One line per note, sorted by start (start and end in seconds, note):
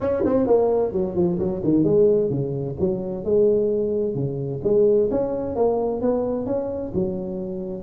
0.00 0.23 C#4
0.25 0.46 C4
0.46 0.92 A#3
0.92 1.15 F#3
1.15 1.38 F3
1.38 1.61 F#3
1.63 1.83 D#3
1.83 2.30 G#3
2.30 2.76 C#3
2.79 3.24 F#3
3.24 4.14 G#3
4.14 4.60 C#3
4.63 5.09 G#3
5.10 5.55 C#4
5.55 6.01 A#3
6.01 6.46 B3
6.46 6.92 C#4
6.94 7.83 F#3